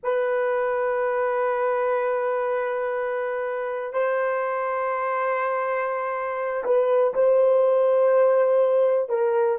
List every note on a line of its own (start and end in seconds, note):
0.03 3.93 B4
3.93 6.63 C5
6.64 7.13 B4
7.14 9.09 C5
9.09 9.58 A#4